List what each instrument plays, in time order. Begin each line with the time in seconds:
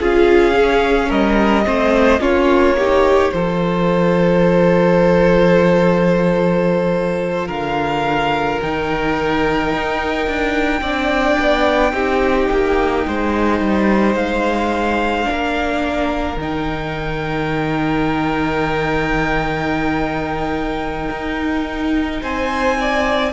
0.00 cello C#4, viola F4, violin G#4 F5
0.54 viola C#4
1.09 cello G3, violin A#4 D#5
1.65 cello A3, viola C4, violin C5
2.20 cello A#3, viola C#4, violin F4 C#5
2.78 viola D#4, violin G4
3.32 cello F3, viola F4, violin A4 C5
7.47 cello D3, violin A#4 F5
8.62 cello D#3, viola D#4, violin G5
9.74 cello D#4
10.27 cello D4
10.81 cello C4, viola D4, violin D5
11.40 cello B3
11.93 cello C4, viola D#4, violin G4
12.51 cello A#3
13.08 cello G#3, violin C5
13.61 cello G3
14.15 cello G#3, violin F5
15.24 viola D4
15.31 cello A#3, violin A#4
16.37 cello D#3, viola D#4, violin G5
21.11 cello D#4
22.22 cello C4, violin C5 G#5
22.81 violin D5